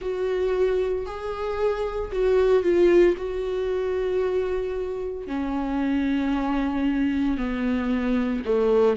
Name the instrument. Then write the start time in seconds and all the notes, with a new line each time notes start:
viola
0.01 F#4
1.06 G#4
2.11 F#4
2.62 F4
3.17 F#4
5.27 C#4
7.37 B3
8.45 A3